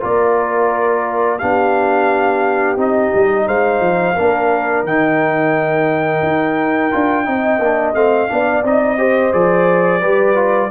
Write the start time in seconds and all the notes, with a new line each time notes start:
0.00 A#3 F4 A#4 D5
1.39 B3 D4 G4 F5
2.77 C4 D#4 D#5
3.15 G3
3.46 G#3 C5 F5
3.80 F3
4.15 A#3 D4 A#4
4.84 D#3 D#4 G5
6.22 D#4
6.91 D4 F4
7.24 C4 D#4 D#5
7.59 A#3 D4
7.94 A3 C4 F5
8.28 B3 D4 D5
8.63 C4 D#4 D#5
8.98 G4 C5
9.32 F3 G#4 D5
10.00 G3 G4 B4
10.35 F4